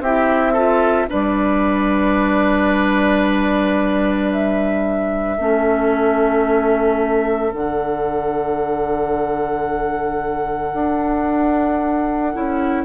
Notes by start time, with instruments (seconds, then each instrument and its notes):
0.00 bassoon C4, clarinet E4, oboe G4, flute E5
0.53 clarinet F4, oboe A4
1.08 bassoon G3, clarinet D4, oboe B4, flute D5
4.32 flute E5
5.37 bassoon A3, clarinet C#4, oboe A4
7.53 bassoon D3, clarinet D4, flute F#5
10.74 bassoon D4
12.33 bassoon C#4, clarinet E4